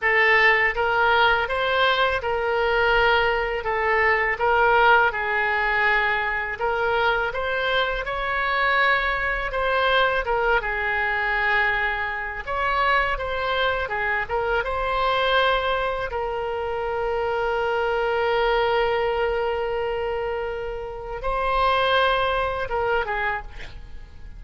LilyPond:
\new Staff \with { instrumentName = "oboe" } { \time 4/4 \tempo 4 = 82 a'4 ais'4 c''4 ais'4~ | ais'4 a'4 ais'4 gis'4~ | gis'4 ais'4 c''4 cis''4~ | cis''4 c''4 ais'8 gis'4.~ |
gis'4 cis''4 c''4 gis'8 ais'8 | c''2 ais'2~ | ais'1~ | ais'4 c''2 ais'8 gis'8 | }